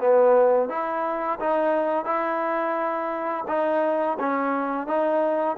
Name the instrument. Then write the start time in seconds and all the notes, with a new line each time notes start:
trombone
0.00 B3
0.69 E4
1.40 D#4
2.05 E4
3.48 D#4
4.20 C#4
4.87 D#4